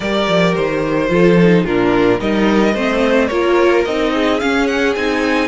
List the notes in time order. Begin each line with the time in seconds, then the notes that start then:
0.00 G3 G4 A#4 D5
0.28 F3
0.55 D#3 C5
1.08 F3 F4 A4
1.42 D#4
1.64 A#2 D4 F4 A#4
2.18 G3 D#4 A#4 D#5
2.74 A3 C4 C5
3.27 A#3 F4 A#4 C#5
3.84 C4 D#4 D#5
4.13 G#4
4.40 C#4 F5
4.66 F#5
4.95 C4 D#4 G#5